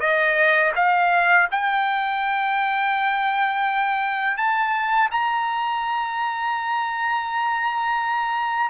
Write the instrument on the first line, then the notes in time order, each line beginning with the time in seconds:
trumpet
0.00 D#5
0.76 F5
1.51 G5
4.37 A5
5.11 A#5